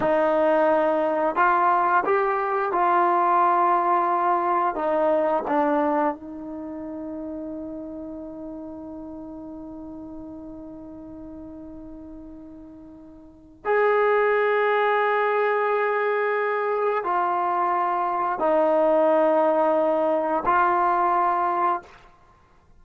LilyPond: \new Staff \with { instrumentName = "trombone" } { \time 4/4 \tempo 4 = 88 dis'2 f'4 g'4 | f'2. dis'4 | d'4 dis'2.~ | dis'1~ |
dis'1 | gis'1~ | gis'4 f'2 dis'4~ | dis'2 f'2 | }